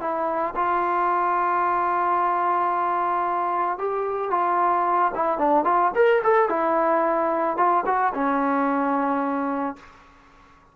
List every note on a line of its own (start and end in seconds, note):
0.00 0.54 E4
0.55 3.78 F4
3.78 4.30 G4
4.30 5.12 F4
5.15 5.38 E4
5.38 5.64 D4
5.64 5.91 F4
5.95 6.22 A#4
6.23 6.49 A4
6.49 7.57 E4
7.57 7.84 F4
7.86 8.13 F#4
8.14 9.76 C#4